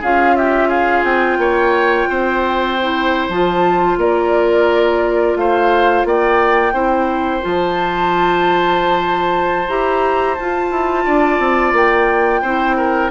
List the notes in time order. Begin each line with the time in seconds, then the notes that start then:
0.00 C#4 F4 G#4 F5
0.36 G4 E5
0.68 G#4 F5
1.03 C4 G5
1.37 A#3 C#5
2.09 C4 C5
2.81 E4
3.29 F3 F4 A5
3.97 A#3 A#4 D5
5.35 A3 C5 F5
6.04 A#3 D5 G5
6.73 C4 E4 C5
7.41 F3 F4 A5
9.67 E4 G4 A#5
10.34 F4 A5
10.70 E4
11.05 D4 D5
11.39 C4
11.72 A#3 G5
12.41 C4 E4 C5
12.77 A#4